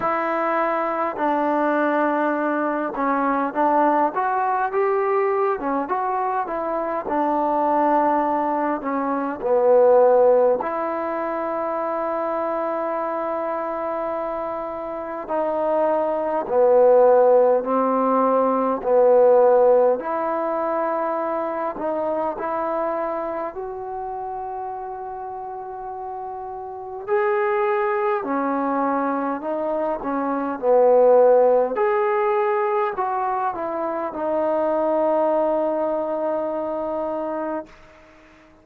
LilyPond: \new Staff \with { instrumentName = "trombone" } { \time 4/4 \tempo 4 = 51 e'4 d'4. cis'8 d'8 fis'8 | g'8. cis'16 fis'8 e'8 d'4. cis'8 | b4 e'2.~ | e'4 dis'4 b4 c'4 |
b4 e'4. dis'8 e'4 | fis'2. gis'4 | cis'4 dis'8 cis'8 b4 gis'4 | fis'8 e'8 dis'2. | }